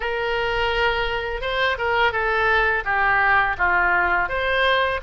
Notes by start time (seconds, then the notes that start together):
0.00 A#4
1.41 C5
1.78 A#4
2.12 A4
2.84 G4
3.58 F4
4.29 C5